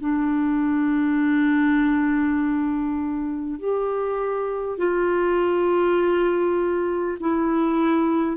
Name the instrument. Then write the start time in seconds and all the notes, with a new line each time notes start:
clarinet
0.00 D4
3.60 G4
4.78 F4
7.21 E4